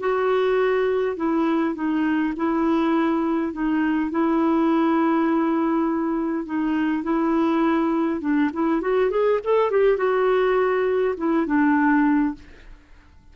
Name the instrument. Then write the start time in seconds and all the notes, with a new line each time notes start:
clarinet
0.00 F#4
1.16 E4
1.75 D#4
2.36 E4
3.53 D#4
4.11 E4
6.46 D#4
7.03 E4
8.21 D4
8.53 E4
8.81 F#4
9.10 G#4
9.44 A4
9.71 G4
9.97 F#4
11.17 E4
11.46 D4